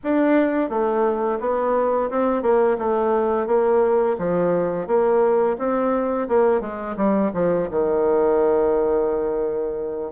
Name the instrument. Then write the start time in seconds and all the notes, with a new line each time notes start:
bassoon
0.03 D4
0.69 A3
1.40 B3
2.10 C4
2.42 A#3
2.78 A3
3.46 A#3
4.18 F3
4.87 A#3
5.58 C4
6.28 A#3
6.60 G#3
6.96 G3
7.33 F3
7.71 D#3